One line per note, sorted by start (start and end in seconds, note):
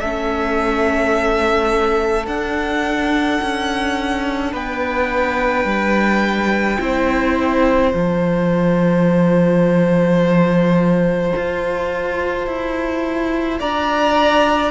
0.00 2.27 A3
0.00 2.27 C#4
0.00 4.52 A4
0.00 2.26 E5
2.27 3.40 D4
2.27 6.79 D4
2.27 4.53 F#5
3.42 4.53 C#4
4.52 5.65 B3
4.52 6.79 B4
4.52 7.92 G5
5.65 6.78 G3
6.79 7.93 C4
6.79 7.91 E4
6.79 13.59 C5
7.91 11.33 F3
7.91 14.70 F4
7.91 13.58 A5
11.36 12.47 F4
12.47 13.60 E4
13.59 14.71 D4
13.59 14.71 D5
13.59 14.71 A#5